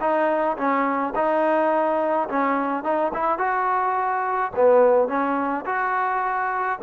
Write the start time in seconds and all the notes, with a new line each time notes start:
0.00 D#4
0.57 C#4
1.15 D#4
2.29 C#4
2.84 D#4
3.13 E4
3.38 F#4
4.55 B3
5.08 C#4
5.65 F#4